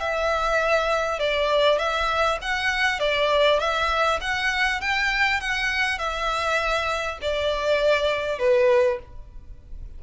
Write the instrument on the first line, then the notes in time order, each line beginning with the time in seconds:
violin
0.00 E5
1.19 D5
1.78 E5
2.42 F#5
2.99 D5
3.60 E5
4.21 F#5
4.81 G5
5.40 F#5
5.98 E5
7.22 D5
8.39 B4